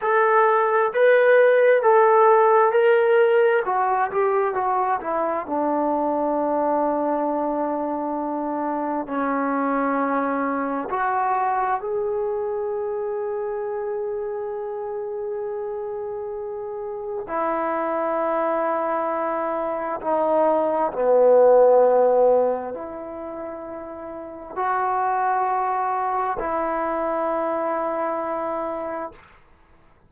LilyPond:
\new Staff \with { instrumentName = "trombone" } { \time 4/4 \tempo 4 = 66 a'4 b'4 a'4 ais'4 | fis'8 g'8 fis'8 e'8 d'2~ | d'2 cis'2 | fis'4 gis'2.~ |
gis'2. e'4~ | e'2 dis'4 b4~ | b4 e'2 fis'4~ | fis'4 e'2. | }